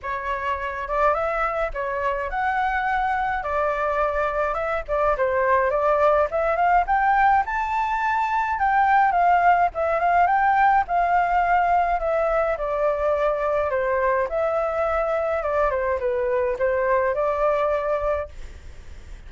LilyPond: \new Staff \with { instrumentName = "flute" } { \time 4/4 \tempo 4 = 105 cis''4. d''8 e''4 cis''4 | fis''2 d''2 | e''8 d''8 c''4 d''4 e''8 f''8 | g''4 a''2 g''4 |
f''4 e''8 f''8 g''4 f''4~ | f''4 e''4 d''2 | c''4 e''2 d''8 c''8 | b'4 c''4 d''2 | }